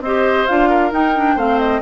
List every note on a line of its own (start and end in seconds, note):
0.00 0.45 C4
0.00 0.48 G4
0.00 0.69 C5
0.00 0.46 D#5
0.46 0.92 D4
0.46 0.91 F4
0.46 0.91 F5
0.69 1.35 A#4
0.91 1.13 D#4
0.91 1.36 D#4
0.91 1.38 G5
1.15 1.37 D4
1.35 1.81 A3
1.35 1.81 C4
1.35 1.81 C5
1.35 1.59 F5
1.59 1.81 D#5